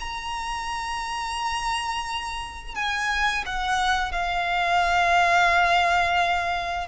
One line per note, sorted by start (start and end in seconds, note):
0.00 2.75 A#5
2.75 3.44 G#5
3.46 4.12 F#5
4.12 6.88 F5